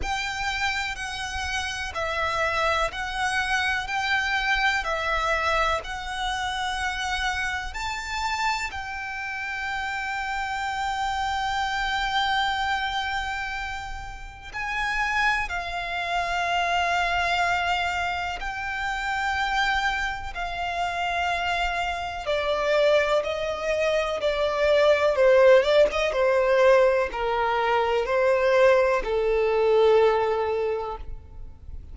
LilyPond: \new Staff \with { instrumentName = "violin" } { \time 4/4 \tempo 4 = 62 g''4 fis''4 e''4 fis''4 | g''4 e''4 fis''2 | a''4 g''2.~ | g''2. gis''4 |
f''2. g''4~ | g''4 f''2 d''4 | dis''4 d''4 c''8 d''16 dis''16 c''4 | ais'4 c''4 a'2 | }